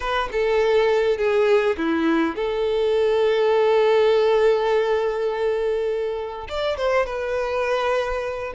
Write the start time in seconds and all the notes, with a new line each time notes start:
0.00 B4
0.32 A4
1.17 G#4
1.77 E4
2.35 A4
6.48 D5
6.77 C5
7.06 B4